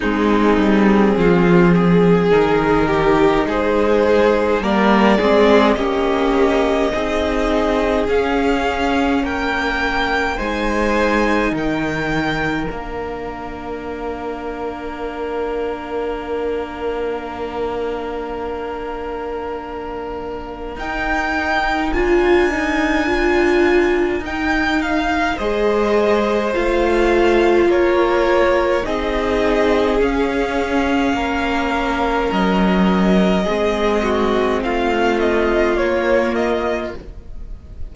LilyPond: <<
  \new Staff \with { instrumentName = "violin" } { \time 4/4 \tempo 4 = 52 gis'2 ais'4 c''4 | d''4 dis''2 f''4 | g''4 gis''4 g''4 f''4~ | f''1~ |
f''2 g''4 gis''4~ | gis''4 g''8 f''8 dis''4 f''4 | cis''4 dis''4 f''2 | dis''2 f''8 dis''8 cis''8 dis''8 | }
  \new Staff \with { instrumentName = "violin" } { \time 4/4 dis'4 f'8 gis'4 g'8 gis'4 | ais'8 gis'8 g'4 gis'2 | ais'4 c''4 ais'2~ | ais'1~ |
ais'1~ | ais'2 c''2 | ais'4 gis'2 ais'4~ | ais'4 gis'8 fis'8 f'2 | }
  \new Staff \with { instrumentName = "viola" } { \time 4/4 c'2 dis'2 | ais8 c'8 cis'4 dis'4 cis'4~ | cis'4 dis'2 d'4~ | d'1~ |
d'2 dis'4 f'8 dis'8 | f'4 dis'4 gis'4 f'4~ | f'4 dis'4 cis'2~ | cis'4 c'2 ais4 | }
  \new Staff \with { instrumentName = "cello" } { \time 4/4 gis8 g8 f4 dis4 gis4 | g8 gis8 ais4 c'4 cis'4 | ais4 gis4 dis4 ais4~ | ais1~ |
ais2 dis'4 d'4~ | d'4 dis'4 gis4 a4 | ais4 c'4 cis'4 ais4 | fis4 gis4 a4 ais4 | }
>>